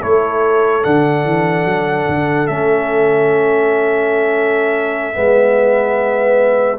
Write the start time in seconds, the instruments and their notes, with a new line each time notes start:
0.00 tuba A3, trombone E4, horn A4, trumpet C#5
0.83 tuba D3, trombone D4, trumpet F#5
1.24 tuba E3
1.65 tuba F#3
2.08 tuba D3
2.47 tuba A3, trombone C#4, trumpet E5
5.13 tuba G#3, trombone B3, horn B4